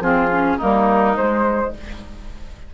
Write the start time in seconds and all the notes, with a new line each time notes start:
0.00 F3 C4 F4 G#4
0.31 C#4
0.57 G3 A#3 D#4 A#4
1.17 G#3 C5